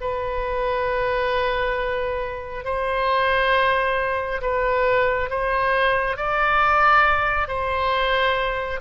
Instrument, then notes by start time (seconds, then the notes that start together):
oboe
0.00 B4
2.64 C5
4.41 B4
5.29 C5
6.16 D5
7.48 C5